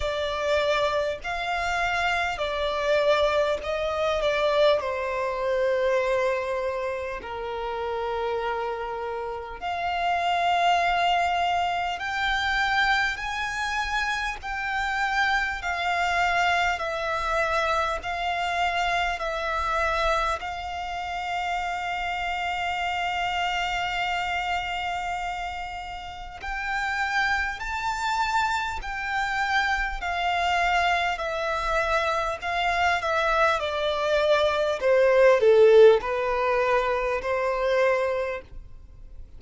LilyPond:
\new Staff \with { instrumentName = "violin" } { \time 4/4 \tempo 4 = 50 d''4 f''4 d''4 dis''8 d''8 | c''2 ais'2 | f''2 g''4 gis''4 | g''4 f''4 e''4 f''4 |
e''4 f''2.~ | f''2 g''4 a''4 | g''4 f''4 e''4 f''8 e''8 | d''4 c''8 a'8 b'4 c''4 | }